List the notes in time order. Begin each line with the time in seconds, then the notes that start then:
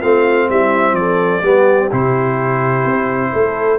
0.00 A3 C4 F4 F5
0.49 G3 E4 E5
0.92 F3 A4 D5
1.42 G3 B3 G4
1.91 C3 E4 C5
2.85 C4
3.32 A3 A4